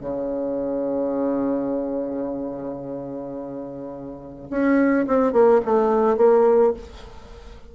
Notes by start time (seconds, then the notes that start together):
0.00 C#3
4.50 C#4
5.07 C4
5.32 A#3
5.65 A3
6.17 A#3